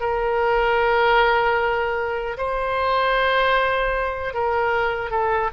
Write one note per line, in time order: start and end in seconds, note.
0.00 2.37 A#4
2.38 4.34 C5
4.34 5.11 A#4
5.11 5.50 A4